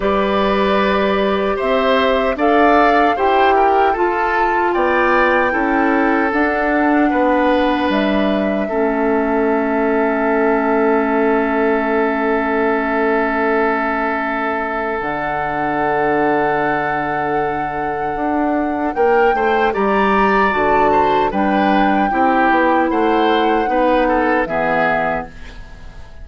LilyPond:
<<
  \new Staff \with { instrumentName = "flute" } { \time 4/4 \tempo 4 = 76 d''2 e''4 f''4 | g''4 a''4 g''2 | fis''2 e''2~ | e''1~ |
e''2. fis''4~ | fis''1 | g''4 ais''4 a''4 g''4~ | g''4 fis''2 e''4 | }
  \new Staff \with { instrumentName = "oboe" } { \time 4/4 b'2 c''4 d''4 | c''8 ais'8 a'4 d''4 a'4~ | a'4 b'2 a'4~ | a'1~ |
a'1~ | a'1 | ais'8 c''8 d''4. c''8 b'4 | g'4 c''4 b'8 a'8 gis'4 | }
  \new Staff \with { instrumentName = "clarinet" } { \time 4/4 g'2. a'4 | g'4 f'2 e'4 | d'2. cis'4~ | cis'1~ |
cis'2. d'4~ | d'1~ | d'4 g'4 fis'4 d'4 | e'2 dis'4 b4 | }
  \new Staff \with { instrumentName = "bassoon" } { \time 4/4 g2 c'4 d'4 | e'4 f'4 b4 cis'4 | d'4 b4 g4 a4~ | a1~ |
a2. d4~ | d2. d'4 | ais8 a8 g4 d4 g4 | c'8 b8 a4 b4 e4 | }
>>